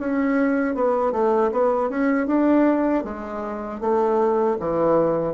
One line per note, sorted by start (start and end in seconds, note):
0.00 0.75 C#4
0.75 1.12 B3
1.12 1.51 A3
1.52 1.90 B3
1.90 2.27 C#4
2.27 3.04 D4
3.04 3.81 G#3
3.81 4.58 A3
4.60 5.34 E3